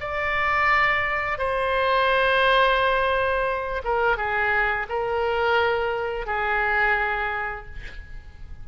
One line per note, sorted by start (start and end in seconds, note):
0.00 1.38 D5
1.38 3.82 C5
3.84 4.16 A#4
4.16 4.86 G#4
4.89 6.26 A#4
6.26 7.65 G#4